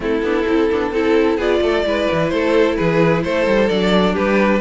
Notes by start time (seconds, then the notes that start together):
0.00 A3 C4 E4 A4
0.21 B3 D4
0.43 C4 E4
0.71 B3 D4
0.92 C4 E4 A4
1.37 B3 F4 G#4 D5
1.61 A3 A4
1.84 G#3 E4 B4
2.12 E3
2.28 A3 A4 C5
2.75 E3 G#4 B4
3.23 A3 A4 C5
3.46 G3
3.69 F#3 D4 D5
4.13 G3 G4 B4